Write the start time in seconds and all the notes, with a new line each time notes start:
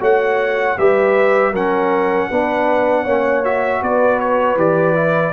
0.00 A3 F#4 C#5 F#5
0.78 G3 G4 B4 E5
1.51 F#3 C#4 A#4 F#5
2.30 B3 D4 B4
3.03 A#3 C#4 C#5
3.44 F#4 E5
3.81 B3 B4 D5
4.19 C#5
4.55 E3 G4 D5
4.94 E4